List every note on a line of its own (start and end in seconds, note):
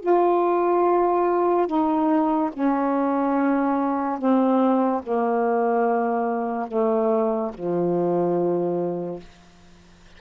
0.00 1.67 F4
1.67 2.50 D#4
2.53 4.18 C#4
4.18 5.02 C4
5.03 6.68 A#3
6.68 7.51 A3
7.54 9.20 F3